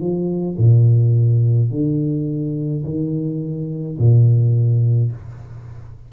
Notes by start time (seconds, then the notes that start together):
0.00 F3
0.58 A#2
1.71 D3
2.85 D#3
3.98 A#2